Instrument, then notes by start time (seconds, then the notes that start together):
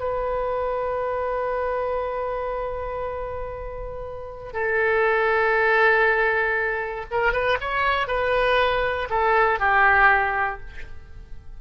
oboe
0.00 B4
4.54 A4
7.11 A#4
7.33 B4
7.61 C#5
8.08 B4
9.10 A4
9.60 G4